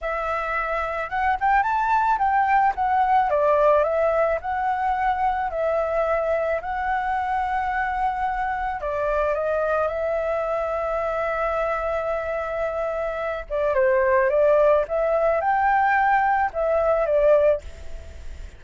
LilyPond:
\new Staff \with { instrumentName = "flute" } { \time 4/4 \tempo 4 = 109 e''2 fis''8 g''8 a''4 | g''4 fis''4 d''4 e''4 | fis''2 e''2 | fis''1 |
d''4 dis''4 e''2~ | e''1~ | e''8 d''8 c''4 d''4 e''4 | g''2 e''4 d''4 | }